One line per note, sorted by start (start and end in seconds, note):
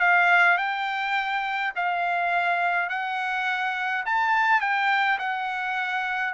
0.00 0.58 F5
0.58 1.73 G5
1.76 2.89 F5
2.89 4.05 F#5
4.05 4.61 A5
4.61 5.19 G5
5.19 6.34 F#5